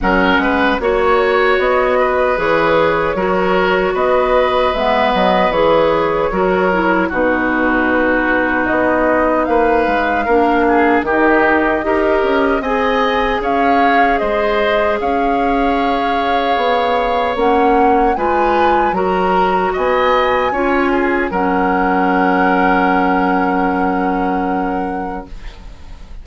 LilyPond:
<<
  \new Staff \with { instrumentName = "flute" } { \time 4/4 \tempo 4 = 76 fis''4 cis''4 dis''4 cis''4~ | cis''4 dis''4 e''8 dis''8 cis''4~ | cis''4 b'2 dis''4 | f''2 dis''2 |
gis''4 f''4 dis''4 f''4~ | f''2 fis''4 gis''4 | ais''4 gis''2 fis''4~ | fis''1 | }
  \new Staff \with { instrumentName = "oboe" } { \time 4/4 ais'8 b'8 cis''4. b'4. | ais'4 b'2. | ais'4 fis'2. | b'4 ais'8 gis'8 g'4 ais'4 |
dis''4 cis''4 c''4 cis''4~ | cis''2. b'4 | ais'4 dis''4 cis''8 gis'8 ais'4~ | ais'1 | }
  \new Staff \with { instrumentName = "clarinet" } { \time 4/4 cis'4 fis'2 gis'4 | fis'2 b4 gis'4 | fis'8 e'8 dis'2.~ | dis'4 d'4 dis'4 g'4 |
gis'1~ | gis'2 cis'4 f'4 | fis'2 f'4 cis'4~ | cis'1 | }
  \new Staff \with { instrumentName = "bassoon" } { \time 4/4 fis8 gis8 ais4 b4 e4 | fis4 b4 gis8 fis8 e4 | fis4 b,2 b4 | ais8 gis8 ais4 dis4 dis'8 cis'8 |
c'4 cis'4 gis4 cis'4~ | cis'4 b4 ais4 gis4 | fis4 b4 cis'4 fis4~ | fis1 | }
>>